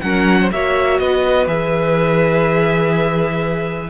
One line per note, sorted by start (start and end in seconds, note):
0.00 0.51 F#3
0.00 0.51 C#4
0.00 0.40 A#4
0.00 0.48 F#5
0.40 0.52 C5
0.51 0.99 A#3
0.51 1.47 F#4
0.51 1.01 C#5
0.51 0.98 E5
0.98 1.46 B3
0.98 3.89 B4
0.98 1.47 D#5
1.46 3.88 E3
1.46 3.89 G#4
1.46 3.89 E5